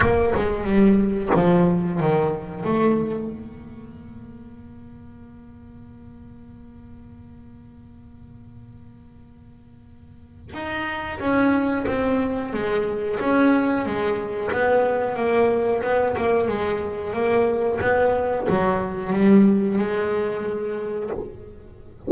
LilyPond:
\new Staff \with { instrumentName = "double bass" } { \time 4/4 \tempo 4 = 91 ais8 gis8 g4 f4 dis4 | a4 ais2.~ | ais1~ | ais1 |
dis'4 cis'4 c'4 gis4 | cis'4 gis4 b4 ais4 | b8 ais8 gis4 ais4 b4 | fis4 g4 gis2 | }